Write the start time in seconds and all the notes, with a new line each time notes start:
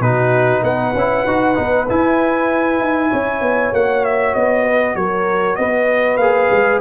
0.00 B2 D#4 F#4 B4
0.63 B3 B4 F#5
0.95 C#4 E4
1.27 D#4 F#4
1.55 B3 D#4
1.89 E4 G#5
2.80 D#4
3.10 C#4 C#5
3.41 B3
3.73 A#3 F#4 F#5
4.05 E5
4.35 B3 D#5
4.64 B4
4.95 F#3 A#4 C#5
5.56 B3 B4 D#5
6.18 A#3 G#4 F5
6.51 G#3